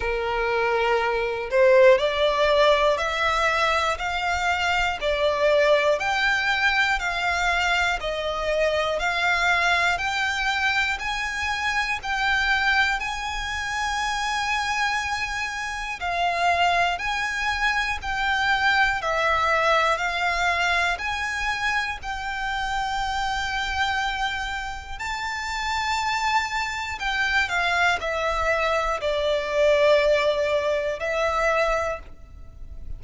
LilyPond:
\new Staff \with { instrumentName = "violin" } { \time 4/4 \tempo 4 = 60 ais'4. c''8 d''4 e''4 | f''4 d''4 g''4 f''4 | dis''4 f''4 g''4 gis''4 | g''4 gis''2. |
f''4 gis''4 g''4 e''4 | f''4 gis''4 g''2~ | g''4 a''2 g''8 f''8 | e''4 d''2 e''4 | }